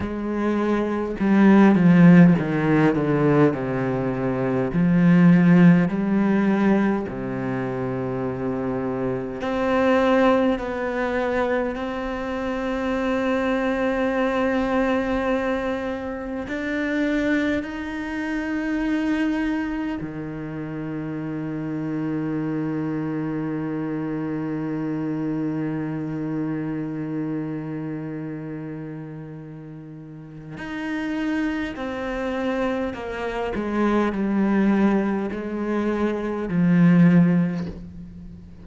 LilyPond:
\new Staff \with { instrumentName = "cello" } { \time 4/4 \tempo 4 = 51 gis4 g8 f8 dis8 d8 c4 | f4 g4 c2 | c'4 b4 c'2~ | c'2 d'4 dis'4~ |
dis'4 dis2.~ | dis1~ | dis2 dis'4 c'4 | ais8 gis8 g4 gis4 f4 | }